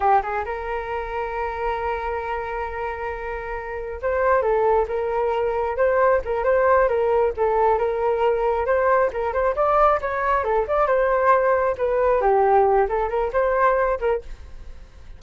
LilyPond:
\new Staff \with { instrumentName = "flute" } { \time 4/4 \tempo 4 = 135 g'8 gis'8 ais'2.~ | ais'1~ | ais'4 c''4 a'4 ais'4~ | ais'4 c''4 ais'8 c''4 ais'8~ |
ais'8 a'4 ais'2 c''8~ | c''8 ais'8 c''8 d''4 cis''4 a'8 | d''8 c''2 b'4 g'8~ | g'4 a'8 ais'8 c''4. ais'8 | }